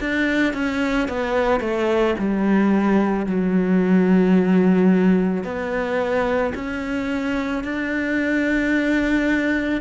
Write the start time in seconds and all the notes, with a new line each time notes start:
0.00 D4
0.54 C#4
1.08 B3
1.60 A3
2.18 G3
3.26 F#3
5.44 B3
6.55 C#4
7.64 D4